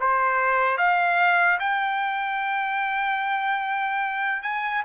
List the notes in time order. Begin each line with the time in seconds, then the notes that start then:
0.00 C5
0.78 F5
1.60 G5
4.42 G#5